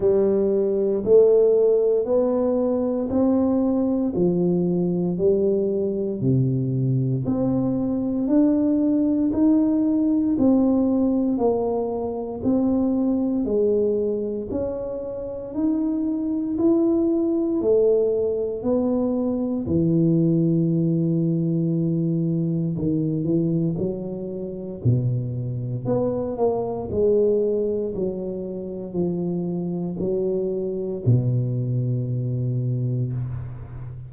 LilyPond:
\new Staff \with { instrumentName = "tuba" } { \time 4/4 \tempo 4 = 58 g4 a4 b4 c'4 | f4 g4 c4 c'4 | d'4 dis'4 c'4 ais4 | c'4 gis4 cis'4 dis'4 |
e'4 a4 b4 e4~ | e2 dis8 e8 fis4 | b,4 b8 ais8 gis4 fis4 | f4 fis4 b,2 | }